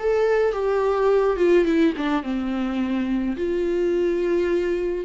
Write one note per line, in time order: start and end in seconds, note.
0.00 0.53 A4
0.53 1.37 G4
1.37 1.65 F4
1.66 1.94 E4
1.97 2.23 D4
2.23 3.37 C4
3.37 5.05 F4